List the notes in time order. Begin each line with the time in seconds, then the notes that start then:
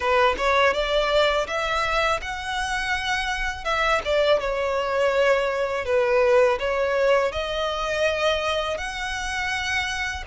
0.00 B4
0.37 C#5
0.73 D5
1.47 E5
2.21 F#5
3.64 E5
4.04 D5
4.39 C#5
5.85 B4
6.59 C#5
7.31 D#5
8.77 F#5